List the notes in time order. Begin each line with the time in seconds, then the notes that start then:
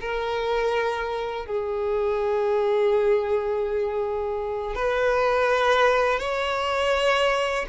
0.00 A#4
1.46 G#4
4.75 B4
6.19 C#5